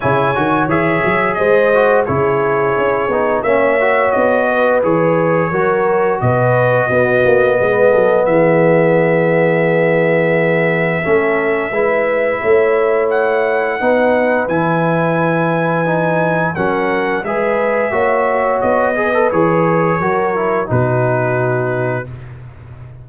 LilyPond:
<<
  \new Staff \with { instrumentName = "trumpet" } { \time 4/4 \tempo 4 = 87 gis''4 e''4 dis''4 cis''4~ | cis''4 e''4 dis''4 cis''4~ | cis''4 dis''2. | e''1~ |
e''2. fis''4~ | fis''4 gis''2. | fis''4 e''2 dis''4 | cis''2 b'2 | }
  \new Staff \with { instrumentName = "horn" } { \time 4/4 cis''2 c''4 gis'4~ | gis'4 cis''4. b'4. | ais'4 b'4 fis'4 b'8 a'8 | gis'1 |
a'4 b'4 cis''2 | b'1 | ais'4 b'4 cis''4. b'8~ | b'4 ais'4 fis'2 | }
  \new Staff \with { instrumentName = "trombone" } { \time 4/4 e'8 fis'8 gis'4. fis'8 e'4~ | e'8 dis'8 cis'8 fis'4. gis'4 | fis'2 b2~ | b1 |
cis'4 e'2. | dis'4 e'2 dis'4 | cis'4 gis'4 fis'4. gis'16 a'16 | gis'4 fis'8 e'8 dis'2 | }
  \new Staff \with { instrumentName = "tuba" } { \time 4/4 cis8 dis8 e8 fis8 gis4 cis4 | cis'8 b8 ais4 b4 e4 | fis4 b,4 b8 ais8 gis8 fis8 | e1 |
a4 gis4 a2 | b4 e2. | fis4 gis4 ais4 b4 | e4 fis4 b,2 | }
>>